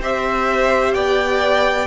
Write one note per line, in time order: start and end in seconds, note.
0.00 0.94 C4
0.00 1.87 G4
0.00 0.95 C5
0.00 0.94 E5
0.94 1.87 B3
0.94 1.87 D5
0.94 1.87 G5